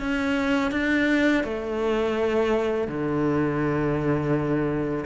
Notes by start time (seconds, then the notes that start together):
0.00 C#4
0.71 D4
1.44 A3
2.88 D3